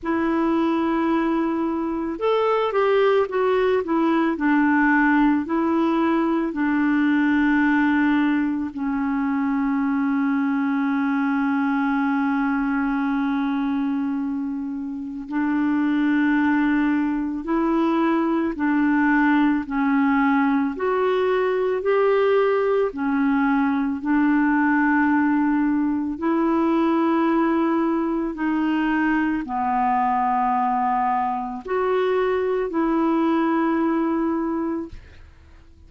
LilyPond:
\new Staff \with { instrumentName = "clarinet" } { \time 4/4 \tempo 4 = 55 e'2 a'8 g'8 fis'8 e'8 | d'4 e'4 d'2 | cis'1~ | cis'2 d'2 |
e'4 d'4 cis'4 fis'4 | g'4 cis'4 d'2 | e'2 dis'4 b4~ | b4 fis'4 e'2 | }